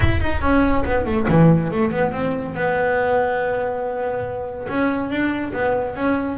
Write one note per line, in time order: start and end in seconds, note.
0.00 0.20 E4
0.20 0.41 D#4
0.41 0.84 C#4
0.84 1.05 B3
1.05 1.26 A3
1.28 1.70 E3
1.70 1.91 A3
1.91 2.11 B3
2.11 2.54 C4
2.54 4.67 B3
4.68 5.09 C#4
5.09 5.52 D4
5.53 5.95 B3
5.95 6.37 C#4